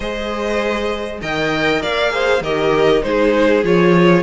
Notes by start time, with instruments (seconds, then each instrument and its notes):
0.00 cello G#3, viola G#4, violin C5 D#5
1.21 cello D#3, viola A#4, violin D#5 G5
1.81 cello A#3, violin D5 F5
2.10 viola G#4, violin C5
2.40 cello D#3, viola G4, violin A#4 D#5
3.01 cello G#3, viola D#4, violin G#4 C5
3.63 cello F3, viola F4, violin C#5